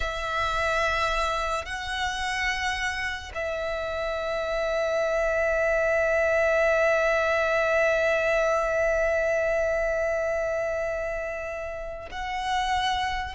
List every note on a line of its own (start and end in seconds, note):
0.00 1.65 E5
1.65 3.31 F#5
3.34 12.09 E5
12.11 13.35 F#5